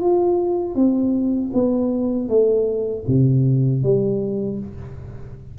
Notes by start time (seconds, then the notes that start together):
0.00 F4
0.75 C4
1.53 B3
2.28 A3
3.07 C3
3.83 G3